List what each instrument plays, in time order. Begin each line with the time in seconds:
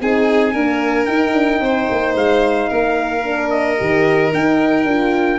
0.00 tuba C4, horn D#4, violin G#4, trumpet G#5
0.53 horn A#3, tuba D4, violin A#4
1.06 tuba D#4, horn D#4, trumpet G5
1.33 tuba D4
1.61 tuba C4, violin C5
1.91 tuba A#3
2.15 tuba G#3, trumpet F5
2.70 tuba A#3, violin A#4
3.24 horn D4
3.51 trumpet D#5
3.78 tuba D#3, horn G4
4.33 tuba D#4, horn D#4, trumpet G5
4.85 tuba D4, horn F4